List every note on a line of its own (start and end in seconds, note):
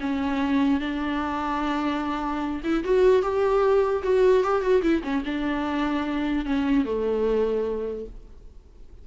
0.00 0.80 C#4
0.80 2.61 D4
2.64 2.84 E4
2.84 3.22 F#4
3.22 4.02 G4
4.03 4.43 F#4
4.43 4.61 G4
4.61 4.82 F#4
4.82 5.02 E4
5.03 5.23 C#4
5.25 6.45 D4
6.45 6.85 C#4
6.85 8.06 A3